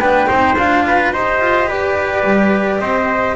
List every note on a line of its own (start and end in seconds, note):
0.00 0.28 B3
0.00 0.27 D4
0.00 0.28 B4
0.00 0.56 G5
0.27 0.57 C4
0.27 0.55 D#4
0.27 0.84 C5
0.57 1.12 D4
0.57 1.13 F4
0.57 1.13 F5
0.87 1.13 B4
1.12 1.40 D#4
1.12 3.36 G4
1.12 1.68 C5
1.12 1.69 D#5
1.41 1.69 F4
1.68 2.24 G4
1.68 2.80 B4
1.68 2.79 D5
2.24 2.80 G3
2.79 3.36 C4
2.79 3.36 C5
2.79 3.35 D#5